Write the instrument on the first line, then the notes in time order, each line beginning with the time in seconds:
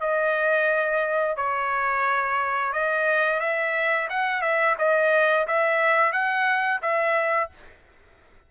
trumpet
0.00 D#5
1.36 C#5
2.73 D#5
3.40 E5
4.09 F#5
4.41 E5
4.78 D#5
5.47 E5
6.12 F#5
6.82 E5